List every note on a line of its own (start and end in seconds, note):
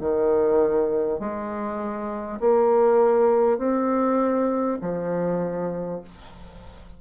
0.00 1.19 D#3
1.19 2.39 G#3
2.40 3.58 A#3
3.58 4.78 C4
4.81 6.01 F3